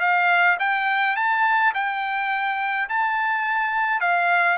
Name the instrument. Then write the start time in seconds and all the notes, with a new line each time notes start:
trumpet
0.00 F5
0.59 G5
1.16 A5
1.74 G5
2.89 A5
4.01 F5